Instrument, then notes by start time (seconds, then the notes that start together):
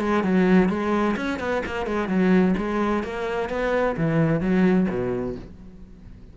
cello
0.00 G#3
0.23 F#3
0.69 G#3
1.16 C#4
1.39 B3
1.65 A#3
1.86 G#3
2.08 F#3
2.57 G#3
3.03 A#3
3.49 B3
3.97 E3
4.40 F#3
4.89 B2